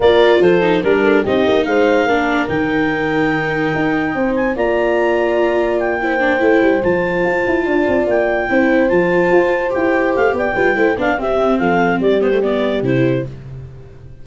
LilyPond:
<<
  \new Staff \with { instrumentName = "clarinet" } { \time 4/4 \tempo 4 = 145 d''4 c''4 ais'4 dis''4 | f''2 g''2~ | g''2~ g''8 gis''8 ais''4~ | ais''2 g''2~ |
g''8 a''2. g''8~ | g''4. a''2 g''8~ | g''8 f''8 g''4. f''8 e''4 | f''4 d''8 c''8 d''4 c''4 | }
  \new Staff \with { instrumentName = "horn" } { \time 4/4 ais'4 a'4 ais'8 a'8 g'4 | c''4 ais'2.~ | ais'2 c''4 d''4~ | d''2~ d''8 c''4.~ |
c''2~ c''8 d''4.~ | d''8 c''2.~ c''8~ | c''4 d''8 b'8 c''8 d''8 g'4 | a'4 g'2. | }
  \new Staff \with { instrumentName = "viola" } { \time 4/4 f'4. dis'8 d'4 dis'4~ | dis'4 d'4 dis'2~ | dis'2. f'4~ | f'2~ f'8 e'8 d'8 e'8~ |
e'8 f'2.~ f'8~ | f'8 e'4 f'2 g'8~ | g'4. f'8 e'8 d'8 c'4~ | c'4. b16 a16 b4 e'4 | }
  \new Staff \with { instrumentName = "tuba" } { \time 4/4 ais4 f4 g4 c'8 ais8 | gis4 ais4 dis2~ | dis4 dis'4 c'4 ais4~ | ais2.~ ais8 a8 |
g8 f4 f'8 e'8 d'8 c'8 ais8~ | ais8 c'4 f4 f'4 e'8~ | e'8 a8 b8 g8 a8 b8 c'4 | f4 g2 c4 | }
>>